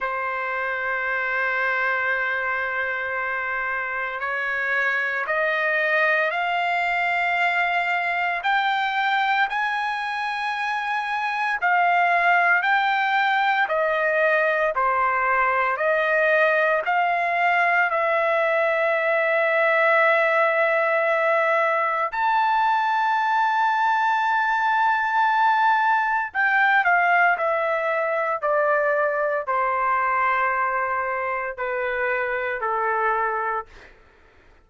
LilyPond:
\new Staff \with { instrumentName = "trumpet" } { \time 4/4 \tempo 4 = 57 c''1 | cis''4 dis''4 f''2 | g''4 gis''2 f''4 | g''4 dis''4 c''4 dis''4 |
f''4 e''2.~ | e''4 a''2.~ | a''4 g''8 f''8 e''4 d''4 | c''2 b'4 a'4 | }